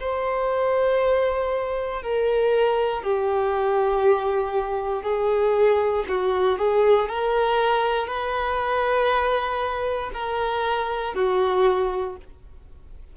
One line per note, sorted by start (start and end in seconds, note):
0.00 2.02 C5
2.02 3.03 A#4
3.03 5.02 G4
5.02 6.04 G#4
6.08 6.58 F#4
6.58 7.09 G#4
7.09 8.07 A#4
8.07 10.10 B4
10.14 11.14 A#4
11.14 12.16 F#4